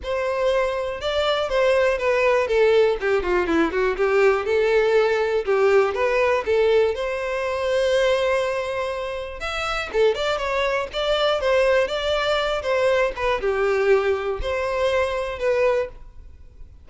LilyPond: \new Staff \with { instrumentName = "violin" } { \time 4/4 \tempo 4 = 121 c''2 d''4 c''4 | b'4 a'4 g'8 f'8 e'8 fis'8 | g'4 a'2 g'4 | b'4 a'4 c''2~ |
c''2. e''4 | a'8 d''8 cis''4 d''4 c''4 | d''4. c''4 b'8 g'4~ | g'4 c''2 b'4 | }